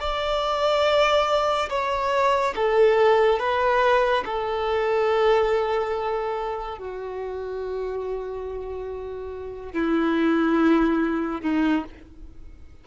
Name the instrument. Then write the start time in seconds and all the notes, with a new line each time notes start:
violin
0.00 D5
1.70 C#5
2.56 A4
3.40 B4
4.25 A4
6.78 F#4
9.73 E4
11.42 D#4